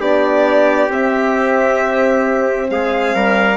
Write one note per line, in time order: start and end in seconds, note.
0.00 0.89 B3
0.00 0.90 D4
0.00 2.69 G4
0.00 0.92 D5
0.89 2.68 C4
0.89 3.57 C4
0.89 2.70 E5
2.70 3.15 G#3
2.70 3.15 G#4
2.70 3.57 F5
3.15 3.57 G3
3.15 3.57 A#4